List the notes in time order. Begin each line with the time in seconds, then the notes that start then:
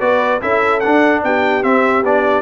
0.00 B3 F#4 B4 D5
0.41 C#4 E4 A4 E5
0.80 D4 F#5
1.23 B3 G4 G5
1.63 C4 E5
2.03 B3 D4 D5